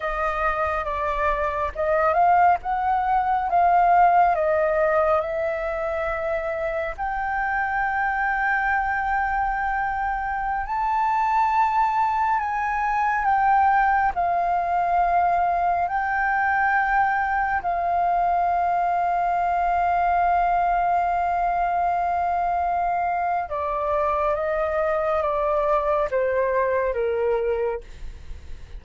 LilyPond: \new Staff \with { instrumentName = "flute" } { \time 4/4 \tempo 4 = 69 dis''4 d''4 dis''8 f''8 fis''4 | f''4 dis''4 e''2 | g''1~ | g''16 a''2 gis''4 g''8.~ |
g''16 f''2 g''4.~ g''16~ | g''16 f''2.~ f''8.~ | f''2. d''4 | dis''4 d''4 c''4 ais'4 | }